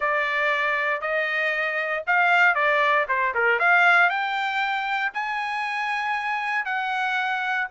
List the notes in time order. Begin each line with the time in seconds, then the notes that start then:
0.00 D5
1.01 D#5
2.07 F5
2.54 D5
3.08 C5
3.34 A#4
3.59 F5
4.09 G5
5.13 G#5
6.65 F#5